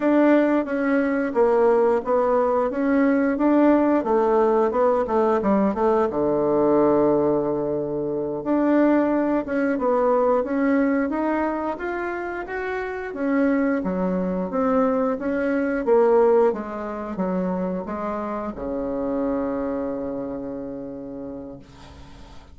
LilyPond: \new Staff \with { instrumentName = "bassoon" } { \time 4/4 \tempo 4 = 89 d'4 cis'4 ais4 b4 | cis'4 d'4 a4 b8 a8 | g8 a8 d2.~ | d8 d'4. cis'8 b4 cis'8~ |
cis'8 dis'4 f'4 fis'4 cis'8~ | cis'8 fis4 c'4 cis'4 ais8~ | ais8 gis4 fis4 gis4 cis8~ | cis1 | }